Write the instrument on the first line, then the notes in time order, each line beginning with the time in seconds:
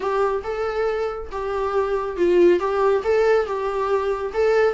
viola
0.00 G4
0.43 A4
1.31 G4
2.16 F4
2.59 G4
3.04 A4
3.46 G4
4.33 A4